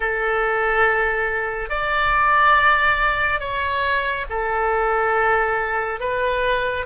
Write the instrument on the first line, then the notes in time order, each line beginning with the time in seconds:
oboe
0.00 A4
1.69 D5
3.40 C#5
4.29 A4
6.00 B4